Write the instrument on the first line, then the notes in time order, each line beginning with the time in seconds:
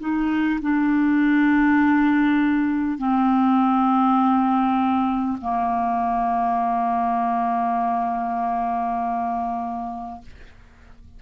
clarinet
0.00 D#4
0.62 D4
2.98 C4
5.42 A#3